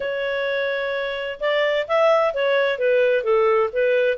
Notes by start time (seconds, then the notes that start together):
0.00 C#5
1.40 D5
1.87 E5
2.34 C#5
2.78 B4
3.23 A4
3.72 B4